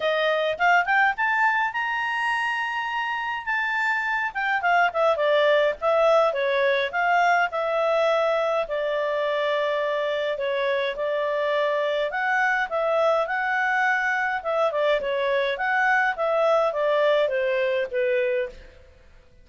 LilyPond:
\new Staff \with { instrumentName = "clarinet" } { \time 4/4 \tempo 4 = 104 dis''4 f''8 g''8 a''4 ais''4~ | ais''2 a''4. g''8 | f''8 e''8 d''4 e''4 cis''4 | f''4 e''2 d''4~ |
d''2 cis''4 d''4~ | d''4 fis''4 e''4 fis''4~ | fis''4 e''8 d''8 cis''4 fis''4 | e''4 d''4 c''4 b'4 | }